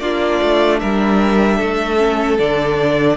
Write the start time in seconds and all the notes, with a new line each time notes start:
0.00 A#3 D4 F4 D5
0.42 A3
0.79 G3 A#4 E5
1.57 A3 A4
1.98 C#4
2.38 D3 D4 D5